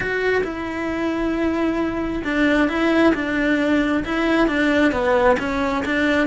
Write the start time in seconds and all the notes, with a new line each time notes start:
0.00 F#4
0.43 E4
2.23 D4
2.68 E4
3.14 D4
4.04 E4
4.47 D4
4.92 B3
5.39 C#4
5.85 D4